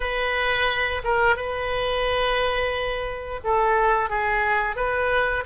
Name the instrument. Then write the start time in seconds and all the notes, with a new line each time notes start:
oboe
0.00 B4
1.04 A#4
1.36 B4
3.44 A4
4.09 G#4
4.75 B4